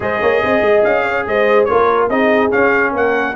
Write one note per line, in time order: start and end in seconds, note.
0.00 0.19 G#3
0.00 1.68 G#4
0.00 0.21 C5
0.00 0.84 D#5
0.21 0.42 A#3
0.21 0.42 C#5
0.43 0.61 C4
0.43 1.02 D#5
0.61 0.82 G#3
0.84 1.26 C#4
0.84 1.26 F5
1.02 1.23 C#5
1.26 1.68 G#3
1.26 1.69 C5
1.26 1.64 D#5
1.64 2.09 A#3
1.64 2.10 F4
1.64 2.10 A#4
1.64 2.06 C#5
2.09 2.51 C4
2.09 2.50 D#4
2.09 2.90 G#4
2.09 2.51 D#5
2.50 3.34 C#4
2.50 2.93 C#4
2.50 2.93 F5
2.90 3.35 A#3
2.90 3.32 A#4
2.90 3.35 F#5